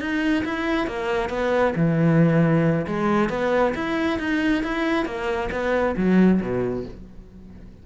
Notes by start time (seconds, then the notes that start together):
0.00 D#4
0.44 E4
0.87 A#3
1.29 B3
1.75 E3
2.87 G#3
3.29 B3
3.74 E4
4.19 D#4
4.63 E4
5.05 A#3
5.51 B3
5.96 F#3
6.41 B2